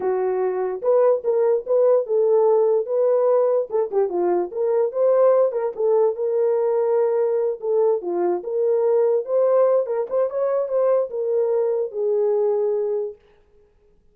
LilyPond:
\new Staff \with { instrumentName = "horn" } { \time 4/4 \tempo 4 = 146 fis'2 b'4 ais'4 | b'4 a'2 b'4~ | b'4 a'8 g'8 f'4 ais'4 | c''4. ais'8 a'4 ais'4~ |
ais'2~ ais'8 a'4 f'8~ | f'8 ais'2 c''4. | ais'8 c''8 cis''4 c''4 ais'4~ | ais'4 gis'2. | }